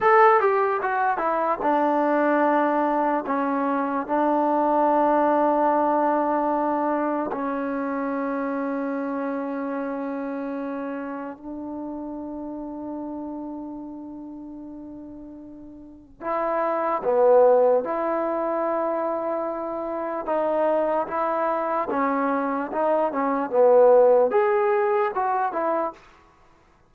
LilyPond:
\new Staff \with { instrumentName = "trombone" } { \time 4/4 \tempo 4 = 74 a'8 g'8 fis'8 e'8 d'2 | cis'4 d'2.~ | d'4 cis'2.~ | cis'2 d'2~ |
d'1 | e'4 b4 e'2~ | e'4 dis'4 e'4 cis'4 | dis'8 cis'8 b4 gis'4 fis'8 e'8 | }